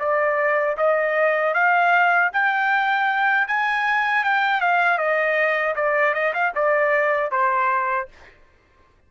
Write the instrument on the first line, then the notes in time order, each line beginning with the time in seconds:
trumpet
0.00 D5
0.78 D#5
1.55 F5
2.33 G5
3.48 G#5
4.24 G5
4.61 F5
4.99 D#5
5.76 D5
6.14 D#5
6.34 F5
6.56 D5
7.32 C5